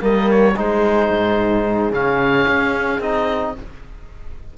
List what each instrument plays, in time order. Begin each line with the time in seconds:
0.00 cello G3, trombone A#3, horn A#4, oboe D#5
0.31 oboe C#5
0.57 cello G#3, trombone D#4, horn G#4, oboe C5
1.11 cello G#2
1.92 cello C#3, trombone C#4, oboe F5
2.48 cello C#4
3.00 cello C4, trombone D#4, oboe D#5